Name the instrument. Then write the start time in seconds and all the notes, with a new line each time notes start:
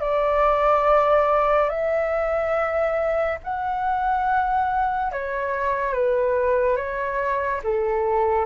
flute
0.00 D5
1.69 E5
3.43 F#5
5.12 C#5
5.93 B4
6.76 C#5
7.63 A4